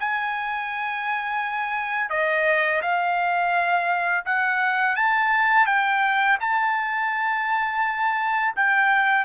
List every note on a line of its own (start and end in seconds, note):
0.00 2.10 G#5
2.10 2.81 D#5
2.81 4.24 F5
4.25 4.95 F#5
4.95 5.66 A5
5.66 6.38 G5
6.40 8.54 A5
8.56 9.25 G5